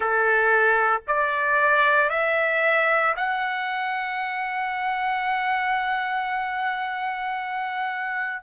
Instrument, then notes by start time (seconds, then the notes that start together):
trumpet
0.00 A4
1.07 D5
2.09 E5
3.16 F#5